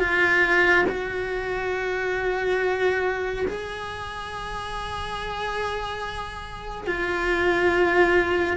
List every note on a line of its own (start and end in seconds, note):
0.00 0.86 F4
0.90 3.47 F#4
3.48 6.87 G#4
6.87 8.58 F4